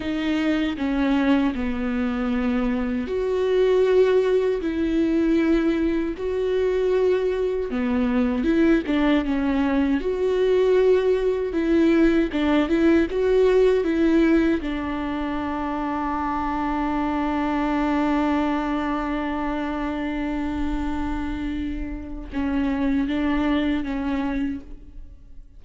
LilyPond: \new Staff \with { instrumentName = "viola" } { \time 4/4 \tempo 4 = 78 dis'4 cis'4 b2 | fis'2 e'2 | fis'2 b4 e'8 d'8 | cis'4 fis'2 e'4 |
d'8 e'8 fis'4 e'4 d'4~ | d'1~ | d'1~ | d'4 cis'4 d'4 cis'4 | }